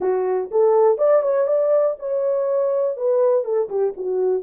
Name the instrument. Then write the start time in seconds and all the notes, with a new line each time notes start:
horn
0.00 F#4
0.51 A4
0.98 D5
1.22 C#5
1.47 D5
1.99 C#5
2.96 B4
3.44 A4
3.69 G4
3.96 F#4